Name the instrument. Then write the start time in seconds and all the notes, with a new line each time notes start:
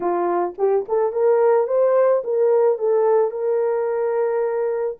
horn
0.00 F4
0.58 G4
0.88 A4
1.12 A#4
1.67 C5
2.24 A#4
2.78 A4
3.30 A#4